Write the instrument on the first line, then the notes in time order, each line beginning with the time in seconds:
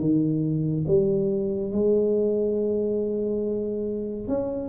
tuba
0.00 D#3
0.88 G3
1.72 G#3
4.28 C#4